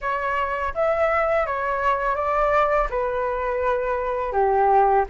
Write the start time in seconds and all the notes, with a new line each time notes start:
0.01 C#5
0.74 E5
1.46 C#5
2.15 D5
2.89 B4
4.32 G4